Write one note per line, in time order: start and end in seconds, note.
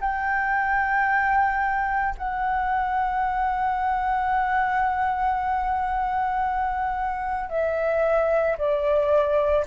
0.00 2.14 G5
2.17 7.50 F#5
7.50 8.57 E5
8.58 9.65 D5